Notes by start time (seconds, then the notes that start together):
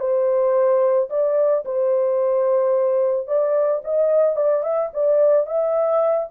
0.00 C5
1.10 D5
1.65 C5
3.28 D5
3.84 D#5
4.36 D5
4.63 E5
4.94 D5
5.47 E5